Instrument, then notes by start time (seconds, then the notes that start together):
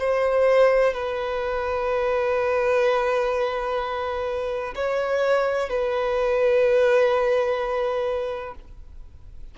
violin
0.00 C5
0.94 B4
4.75 C#5
5.69 B4